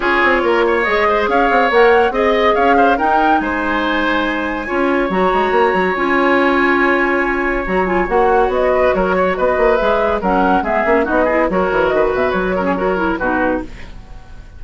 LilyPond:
<<
  \new Staff \with { instrumentName = "flute" } { \time 4/4 \tempo 4 = 141 cis''2 dis''4 f''4 | fis''4 dis''4 f''4 g''4 | gis''1 | ais''2 gis''2~ |
gis''2 ais''8 gis''8 fis''4 | dis''4 cis''4 dis''4 e''4 | fis''4 e''4 dis''4 cis''4 | dis''8 e''8 cis''2 b'4 | }
  \new Staff \with { instrumentName = "oboe" } { \time 4/4 gis'4 ais'8 cis''4 c''8 cis''4~ | cis''4 dis''4 cis''8 c''8 ais'4 | c''2. cis''4~ | cis''1~ |
cis''1~ | cis''8 b'8 ais'8 cis''8 b'2 | ais'4 gis'4 fis'8 gis'8 ais'4 | b'4. ais'16 gis'16 ais'4 fis'4 | }
  \new Staff \with { instrumentName = "clarinet" } { \time 4/4 f'2 gis'2 | ais'4 gis'2 dis'4~ | dis'2. f'4 | fis'2 f'2~ |
f'2 fis'8 f'8 fis'4~ | fis'2. gis'4 | cis'4 b8 cis'8 dis'8 e'8 fis'4~ | fis'4. cis'8 fis'8 e'8 dis'4 | }
  \new Staff \with { instrumentName = "bassoon" } { \time 4/4 cis'8 c'8 ais4 gis4 cis'8 c'8 | ais4 c'4 cis'4 dis'4 | gis2. cis'4 | fis8 gis8 ais8 fis8 cis'2~ |
cis'2 fis4 ais4 | b4 fis4 b8 ais8 gis4 | fis4 gis8 ais8 b4 fis8 e8 | dis8 b,8 fis2 b,4 | }
>>